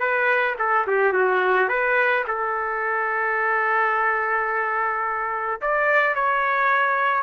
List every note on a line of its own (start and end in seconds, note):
0.00 0.56 B4
0.59 0.87 A4
0.87 1.13 G4
1.13 1.69 F#4
1.69 2.24 B4
2.28 5.61 A4
5.62 6.15 D5
6.15 7.23 C#5